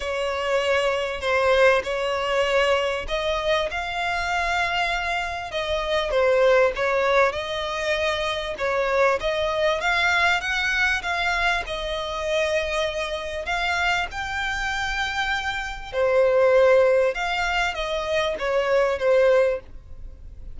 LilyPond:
\new Staff \with { instrumentName = "violin" } { \time 4/4 \tempo 4 = 98 cis''2 c''4 cis''4~ | cis''4 dis''4 f''2~ | f''4 dis''4 c''4 cis''4 | dis''2 cis''4 dis''4 |
f''4 fis''4 f''4 dis''4~ | dis''2 f''4 g''4~ | g''2 c''2 | f''4 dis''4 cis''4 c''4 | }